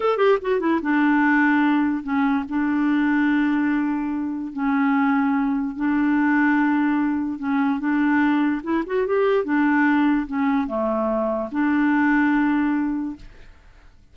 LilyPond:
\new Staff \with { instrumentName = "clarinet" } { \time 4/4 \tempo 4 = 146 a'8 g'8 fis'8 e'8 d'2~ | d'4 cis'4 d'2~ | d'2. cis'4~ | cis'2 d'2~ |
d'2 cis'4 d'4~ | d'4 e'8 fis'8 g'4 d'4~ | d'4 cis'4 a2 | d'1 | }